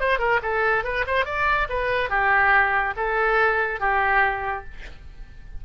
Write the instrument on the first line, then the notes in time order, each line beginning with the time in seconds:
oboe
0.00 C5
0.19 A#4
0.43 A4
0.84 B4
1.07 C5
1.25 D5
1.69 B4
2.10 G4
2.97 A4
3.80 G4